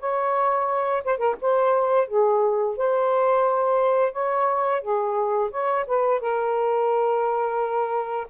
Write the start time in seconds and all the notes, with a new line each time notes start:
0.00 C#5
1.05 C5
1.18 A#4
1.41 C5
2.08 G#4
2.77 C5
4.13 C#5
4.82 G#4
5.51 C#5
5.87 B4
6.21 A#4